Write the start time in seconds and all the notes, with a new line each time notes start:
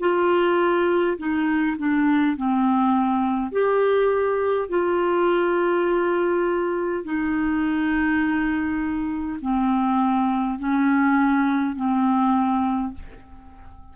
0.00 F4
1.18 D#4
1.78 D4
2.36 C4
3.52 G4
4.69 F4
7.04 D#4
9.41 C4
10.59 C#4
11.76 C4